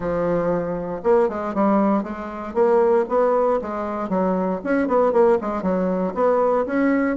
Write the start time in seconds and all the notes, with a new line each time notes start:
0.00 F3
1.03 A#3
1.28 G#3
1.54 G3
2.03 G#3
2.54 A#3
3.08 B3
3.61 G#3
4.09 F#3
4.64 C#4
4.87 B3
5.12 A#3
5.41 G#3
5.62 F#3
6.14 B3
6.66 C#4